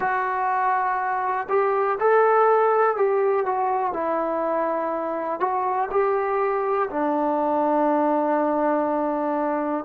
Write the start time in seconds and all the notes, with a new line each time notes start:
0.00 F#4
1.49 G4
1.99 A4
2.96 G4
3.45 F#4
3.93 E4
5.40 F#4
5.90 G4
6.89 D4